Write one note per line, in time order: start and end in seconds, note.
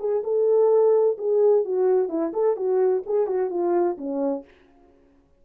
0.00 0.23 G#4
0.24 1.18 A4
1.18 1.65 G#4
1.65 2.09 F#4
2.09 2.33 E4
2.34 2.57 A4
2.57 3.04 F#4
3.07 3.27 G#4
3.27 3.51 F#4
3.51 3.98 F4
3.98 4.45 C#4